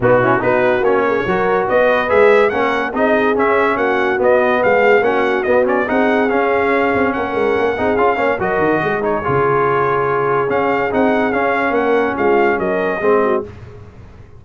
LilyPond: <<
  \new Staff \with { instrumentName = "trumpet" } { \time 4/4 \tempo 4 = 143 fis'4 b'4 cis''2 | dis''4 e''4 fis''4 dis''4 | e''4 fis''4 dis''4 f''4 | fis''4 dis''8 d''8 fis''4 f''4~ |
f''4 fis''2 f''4 | dis''4. cis''2~ cis''8~ | cis''4 f''4 fis''4 f''4 | fis''4 f''4 dis''2 | }
  \new Staff \with { instrumentName = "horn" } { \time 4/4 dis'8 e'8 fis'4. gis'8 ais'4 | b'2 ais'4 gis'4~ | gis'4 fis'2 gis'4 | fis'2 gis'2~ |
gis'4 ais'4. gis'4 cis''8 | ais'4 gis'2.~ | gis'1 | ais'4 f'4 ais'4 gis'8 fis'8 | }
  \new Staff \with { instrumentName = "trombone" } { \time 4/4 b8 cis'8 dis'4 cis'4 fis'4~ | fis'4 gis'4 cis'4 dis'4 | cis'2 b2 | cis'4 b8 cis'8 dis'4 cis'4~ |
cis'2~ cis'8 dis'8 f'8 cis'8 | fis'4. dis'8 f'2~ | f'4 cis'4 dis'4 cis'4~ | cis'2. c'4 | }
  \new Staff \with { instrumentName = "tuba" } { \time 4/4 b,4 b4 ais4 fis4 | b4 gis4 ais4 c'4 | cis'4 ais4 b4 gis4 | ais4 b4 c'4 cis'4~ |
cis'8 c'8 ais8 gis8 ais8 c'8 cis'8 ais8 | fis8 dis8 gis4 cis2~ | cis4 cis'4 c'4 cis'4 | ais4 gis4 fis4 gis4 | }
>>